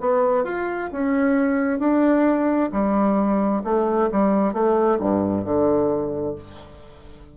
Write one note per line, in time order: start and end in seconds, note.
0.00 0.44 B3
0.44 0.90 F4
0.92 1.79 C#4
1.79 2.70 D4
2.72 3.63 G3
3.64 4.10 A3
4.12 4.53 G3
4.53 4.99 A3
5.00 5.44 G2
5.44 6.35 D3